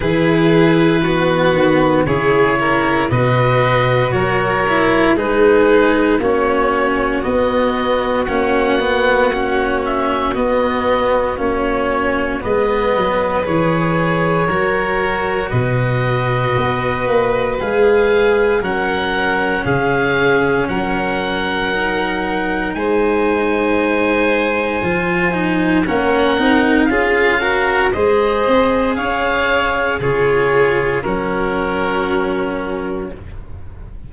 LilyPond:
<<
  \new Staff \with { instrumentName = "oboe" } { \time 4/4 \tempo 4 = 58 b'2 cis''4 dis''4 | cis''4 b'4 cis''4 dis''4 | fis''4. e''8 dis''4 cis''4 | dis''4 cis''2 dis''4~ |
dis''4 f''4 fis''4 f''4 | fis''2 gis''2~ | gis''4 fis''4 f''4 dis''4 | f''4 cis''4 ais'2 | }
  \new Staff \with { instrumentName = "violin" } { \time 4/4 gis'4 fis'4 gis'8 ais'8 b'4 | ais'4 gis'4 fis'2~ | fis'1 | b'2 ais'4 b'4~ |
b'2 ais'4 gis'4 | ais'2 c''2~ | c''4 ais'4 gis'8 ais'8 c''4 | cis''4 gis'4 fis'2 | }
  \new Staff \with { instrumentName = "cello" } { \time 4/4 e'4 b4 e'4 fis'4~ | fis'8 e'8 dis'4 cis'4 b4 | cis'8 b8 cis'4 b4 cis'4 | b4 gis'4 fis'2~ |
fis'4 gis'4 cis'2~ | cis'4 dis'2. | f'8 dis'8 cis'8 dis'8 f'8 fis'8 gis'4~ | gis'4 f'4 cis'2 | }
  \new Staff \with { instrumentName = "tuba" } { \time 4/4 e4. dis8 cis4 b,4 | fis4 gis4 ais4 b4 | ais2 b4 ais4 | gis8 fis8 e4 fis4 b,4 |
b8 ais8 gis4 fis4 cis4 | fis2 gis2 | f4 ais8 c'8 cis'4 gis8 c'8 | cis'4 cis4 fis2 | }
>>